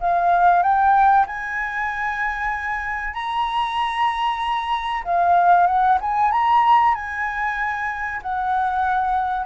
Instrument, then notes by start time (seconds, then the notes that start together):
flute
0.00 F5
0.63 G5
1.27 G#5
3.14 A#5
5.04 F5
5.66 F#5
6.01 G#5
6.31 A#5
6.95 G#5
8.22 F#5